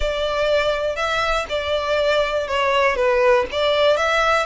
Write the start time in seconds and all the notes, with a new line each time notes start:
0.00 D5
0.96 E5
1.49 D5
2.47 C#5
2.95 B4
3.51 D5
3.96 E5